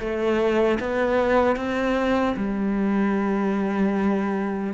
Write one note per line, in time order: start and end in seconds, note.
0.00 0.79 A3
0.80 1.56 B3
1.56 2.35 C4
2.37 4.74 G3